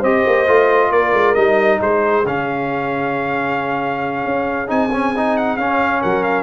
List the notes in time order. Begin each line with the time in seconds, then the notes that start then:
0.00 C4 G4 C5 D#5
0.26 A#3
0.47 A3 F4
0.90 A#3 A#4 D5
1.13 G#3
1.34 G3 D#4 D#5
1.80 G#3 G#4 C5
2.25 C#3 C#4 F5
4.25 C#4
4.67 C4 D#4 G#5
4.92 C#4
5.16 D#4
5.37 F#5
5.57 C#4 F5
6.01 F#3 A#4 F#5
6.24 F5